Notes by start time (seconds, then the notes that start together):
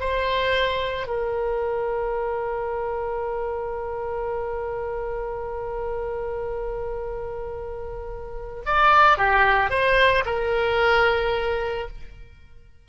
0.00 C5
1.07 A#4
8.66 D5
9.17 G4
9.70 C5
10.26 A#4